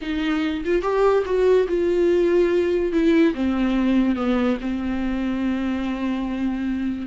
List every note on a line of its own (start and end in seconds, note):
0.01 0.64 D#4
0.65 0.81 F4
0.81 1.23 G4
1.25 1.67 F#4
1.68 2.92 F4
2.92 3.34 E4
3.34 4.15 C4
4.15 4.57 B3
4.60 7.07 C4